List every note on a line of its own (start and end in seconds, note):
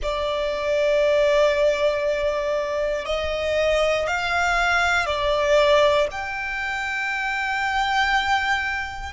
0.02 3.05 D5
3.05 4.07 D#5
4.07 5.06 F5
5.06 6.07 D5
6.11 9.13 G5